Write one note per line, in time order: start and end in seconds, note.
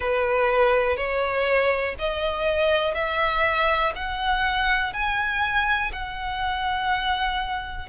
0.00 0.97 B4
0.97 1.95 C#5
1.99 2.94 D#5
2.94 3.93 E5
3.95 4.93 F#5
4.93 5.91 G#5
5.92 7.88 F#5